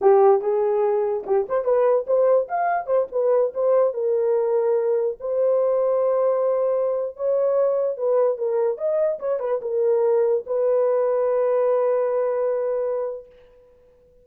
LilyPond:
\new Staff \with { instrumentName = "horn" } { \time 4/4 \tempo 4 = 145 g'4 gis'2 g'8 c''8 | b'4 c''4 f''4 c''8 b'8~ | b'8 c''4 ais'2~ ais'8~ | ais'8 c''2.~ c''8~ |
c''4~ c''16 cis''2 b'8.~ | b'16 ais'4 dis''4 cis''8 b'8 ais'8.~ | ais'4~ ais'16 b'2~ b'8.~ | b'1 | }